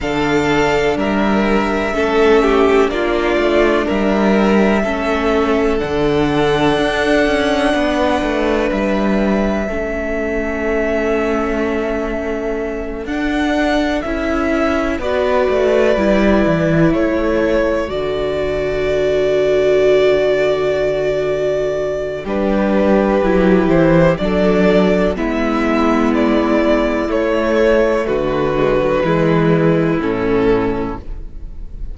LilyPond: <<
  \new Staff \with { instrumentName = "violin" } { \time 4/4 \tempo 4 = 62 f''4 e''2 d''4 | e''2 fis''2~ | fis''4 e''2.~ | e''4. fis''4 e''4 d''8~ |
d''4. cis''4 d''4.~ | d''2. b'4~ | b'8 c''8 d''4 e''4 d''4 | cis''4 b'2 a'4 | }
  \new Staff \with { instrumentName = "violin" } { \time 4/4 a'4 ais'4 a'8 g'8 f'4 | ais'4 a'2. | b'2 a'2~ | a'2.~ a'8 b'8~ |
b'4. a'2~ a'8~ | a'2. g'4~ | g'4 a'4 e'2~ | e'4 fis'4 e'2 | }
  \new Staff \with { instrumentName = "viola" } { \time 4/4 d'2 cis'4 d'4~ | d'4 cis'4 d'2~ | d'2 cis'2~ | cis'4. d'4 e'4 fis'8~ |
fis'8 e'2 fis'4.~ | fis'2. d'4 | e'4 d'4 b2 | a4. gis16 fis16 gis4 cis'4 | }
  \new Staff \with { instrumentName = "cello" } { \time 4/4 d4 g4 a4 ais8 a8 | g4 a4 d4 d'8 cis'8 | b8 a8 g4 a2~ | a4. d'4 cis'4 b8 |
a8 g8 e8 a4 d4.~ | d2. g4 | fis8 e8 fis4 gis2 | a4 d4 e4 a,4 | }
>>